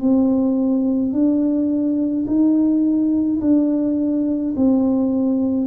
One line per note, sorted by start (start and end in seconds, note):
0.00 1.12 C4
1.12 2.25 D4
2.27 3.40 D#4
3.41 4.54 D4
4.56 5.67 C4